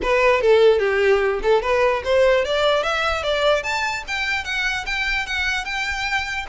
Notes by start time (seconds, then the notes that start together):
0.02 B4
0.41 A4
0.79 G4
1.42 A4
1.62 B4
2.04 C5
2.44 D5
2.83 E5
3.23 D5
3.63 A5
4.07 G5
4.44 F#5
4.86 G5
5.26 F#5
5.65 G5